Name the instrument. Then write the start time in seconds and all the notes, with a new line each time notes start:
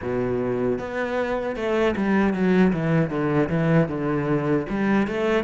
cello
0.01 B2
0.78 B3
1.55 A3
1.96 G3
2.33 F#3
2.72 E3
3.10 D3
3.49 E3
3.88 D3
4.69 G3
5.07 A3